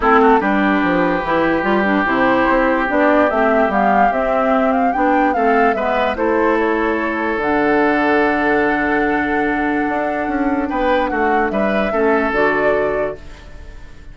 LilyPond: <<
  \new Staff \with { instrumentName = "flute" } { \time 4/4 \tempo 4 = 146 a'4 b'2.~ | b'4 c''2 d''4 | e''4 f''4 e''4. f''8 | g''4 f''4 e''4 c''4 |
cis''2 fis''2~ | fis''1~ | fis''2 g''4 fis''4 | e''2 d''2 | }
  \new Staff \with { instrumentName = "oboe" } { \time 4/4 e'8 fis'8 g'2.~ | g'1~ | g'1~ | g'4 a'4 b'4 a'4~ |
a'1~ | a'1~ | a'2 b'4 fis'4 | b'4 a'2. | }
  \new Staff \with { instrumentName = "clarinet" } { \time 4/4 c'4 d'2 e'4 | f'8 d'8 e'2 d'4 | c'4 b4 c'2 | d'4 c'4 b4 e'4~ |
e'2 d'2~ | d'1~ | d'1~ | d'4 cis'4 fis'2 | }
  \new Staff \with { instrumentName = "bassoon" } { \time 4/4 a4 g4 f4 e4 | g4 c4 c'4 b4 | a4 g4 c'2 | b4 a4 gis4 a4~ |
a2 d2~ | d1 | d'4 cis'4 b4 a4 | g4 a4 d2 | }
>>